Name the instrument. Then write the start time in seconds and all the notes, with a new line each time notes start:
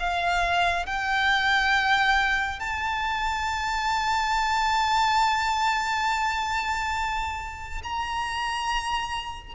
violin
0.00 F5
0.86 G5
2.60 A5
7.83 A#5